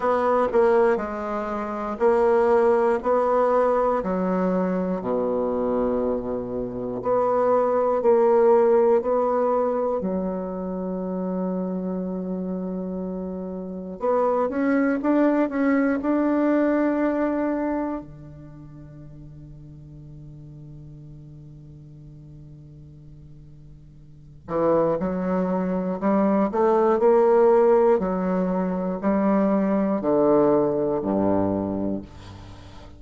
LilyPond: \new Staff \with { instrumentName = "bassoon" } { \time 4/4 \tempo 4 = 60 b8 ais8 gis4 ais4 b4 | fis4 b,2 b4 | ais4 b4 fis2~ | fis2 b8 cis'8 d'8 cis'8 |
d'2 d2~ | d1~ | d8 e8 fis4 g8 a8 ais4 | fis4 g4 d4 g,4 | }